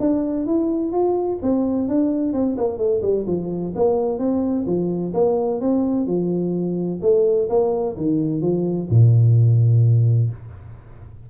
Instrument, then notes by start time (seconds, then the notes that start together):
tuba
0.00 D4
0.47 E4
0.93 F4
1.43 C4
1.88 D4
2.34 C4
2.58 A#3
2.78 A3
3.02 G3
3.27 F3
3.76 A#3
4.19 C4
4.67 F3
5.14 A#3
5.61 C4
6.07 F3
7.02 A3
7.50 A#3
7.97 D#3
8.42 F3
8.90 A#2